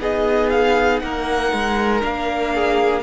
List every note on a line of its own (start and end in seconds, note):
0.00 1.02 B3
0.00 2.01 D#4
0.00 1.03 G#4
0.00 0.50 D#5
0.50 1.00 F5
1.00 1.52 A#3
1.00 2.54 A#4
1.00 2.01 F#5
1.52 2.03 G#3
2.01 3.03 A#3
2.01 3.03 D4
2.01 3.03 F5
2.54 3.03 G#4